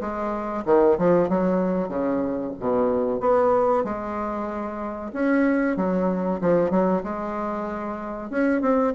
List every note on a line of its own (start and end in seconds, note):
0.00 0.64 G#3
0.65 0.97 D#3
0.98 1.29 F3
1.29 1.88 F#3
1.88 2.52 C#3
2.60 3.20 B2
3.20 3.84 B3
3.84 5.11 G#3
5.12 5.76 C#4
5.76 6.40 F#3
6.40 6.70 F3
6.70 7.02 F#3
7.03 8.30 G#3
8.30 8.61 C#4
8.61 8.93 C4